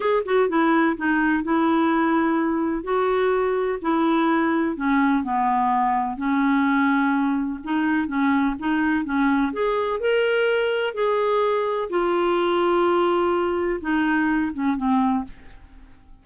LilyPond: \new Staff \with { instrumentName = "clarinet" } { \time 4/4 \tempo 4 = 126 gis'8 fis'8 e'4 dis'4 e'4~ | e'2 fis'2 | e'2 cis'4 b4~ | b4 cis'2. |
dis'4 cis'4 dis'4 cis'4 | gis'4 ais'2 gis'4~ | gis'4 f'2.~ | f'4 dis'4. cis'8 c'4 | }